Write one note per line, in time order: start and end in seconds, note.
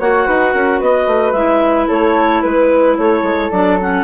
0.00 0.27 A#3
0.00 1.36 F#4
0.00 0.27 C#5
0.00 0.81 F#5
0.27 0.55 D#4
0.27 0.53 B4
0.53 0.81 C#4
0.53 0.80 A#4
0.80 1.07 B3
0.80 1.88 B4
0.80 1.33 D#5
1.07 1.33 A3
1.33 1.87 G#3
1.33 3.52 E4
1.33 1.87 E5
1.88 2.44 A3
1.88 2.42 A4
1.88 2.43 C#5
2.42 2.98 G#3
2.42 2.96 B4
2.42 2.97 B4
2.98 3.23 A3
2.98 4.04 A4
2.98 3.51 C#5
3.23 3.50 G#3
3.51 4.04 F#3
3.51 3.79 D4
3.51 3.78 D5
3.81 4.04 C#4
3.81 4.04 F#5